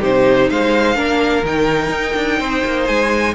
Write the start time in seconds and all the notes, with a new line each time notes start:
0.00 C3 D#4 G4 C5
0.50 G#3 C5 F5
0.95 A#3 D4 A#4
1.44 D#3 D#4 G5
1.89 D#4
2.16 D4
2.39 C4 C5
2.65 A#3
2.87 G#3 G#5